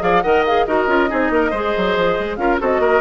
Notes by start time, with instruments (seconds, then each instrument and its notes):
0.00 bassoon F3, clarinet G#4, oboe D5, flute F5
0.22 bassoon D#3, clarinet A#4, oboe D#5, flute F#5
0.46 clarinet G#4, flute F5
0.66 bassoon D#4, clarinet F#4, oboe A#4, flute D#5
0.87 bassoon C#4, clarinet F4
1.08 bassoon C4, clarinet D#4, oboe G#4
1.30 bassoon A#3, oboe A#4
1.50 bassoon G#3, clarinet G#4, oboe C5
1.77 bassoon F#3
1.97 bassoon F3
2.19 bassoon G#3
2.36 bassoon C#4, clarinet F4, oboe A#4, flute F5
2.59 bassoon C4, clarinet F#4, oboe A4, flute D#5
2.79 bassoon A#3, oboe A#4